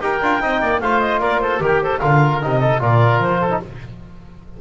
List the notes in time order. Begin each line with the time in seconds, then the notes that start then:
0.00 D#4 G4 A#4 G5
0.21 D4 F4
0.41 C4 D#4 D#5
0.61 A#3 D5
0.80 A3 F4 C5 F5
1.00 D#5
1.20 A#3 A#4 D5
1.40 A4 C5
1.60 D#3 G4 A#4
1.82 A4 C5
1.98 D3 F4 A#4 F5
2.41 C3 D#4 D#5
2.60 A4
2.80 A#2 F4 A#4 D5
3.20 F3 C5
3.41 A4
3.51 D#4